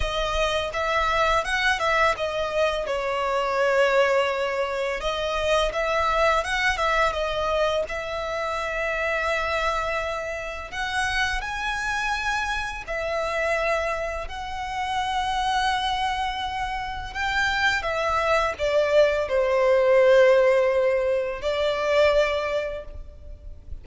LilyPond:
\new Staff \with { instrumentName = "violin" } { \time 4/4 \tempo 4 = 84 dis''4 e''4 fis''8 e''8 dis''4 | cis''2. dis''4 | e''4 fis''8 e''8 dis''4 e''4~ | e''2. fis''4 |
gis''2 e''2 | fis''1 | g''4 e''4 d''4 c''4~ | c''2 d''2 | }